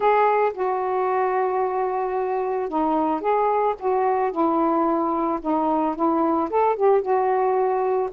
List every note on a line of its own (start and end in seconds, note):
0.00 0.52 G#4
0.53 2.69 F#4
2.69 3.20 D#4
3.20 3.74 G#4
3.79 4.31 F#4
4.31 5.39 E4
5.41 5.95 D#4
5.95 6.49 E4
6.49 6.76 A4
6.76 7.01 G4
7.01 8.09 F#4